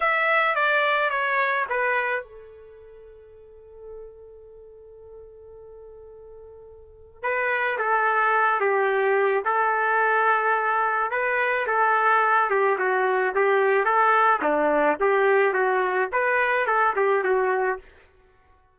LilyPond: \new Staff \with { instrumentName = "trumpet" } { \time 4/4 \tempo 4 = 108 e''4 d''4 cis''4 b'4 | a'1~ | a'1~ | a'4 b'4 a'4. g'8~ |
g'4 a'2. | b'4 a'4. g'8 fis'4 | g'4 a'4 d'4 g'4 | fis'4 b'4 a'8 g'8 fis'4 | }